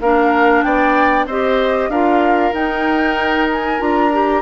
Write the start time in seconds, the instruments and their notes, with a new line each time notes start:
0.00 bassoon A#3, clarinet D4, oboe A#4, flute F5
0.62 bassoon B3, oboe D5, flute G5
1.26 bassoon C4, clarinet G4, oboe C5, flute D#5
1.88 bassoon D4, clarinet F4, oboe A#4, flute F5
2.53 bassoon D#4, clarinet D#4, flute G5
3.52 flute G#5
3.79 bassoon D4, clarinet F4, flute A#5
4.12 clarinet G4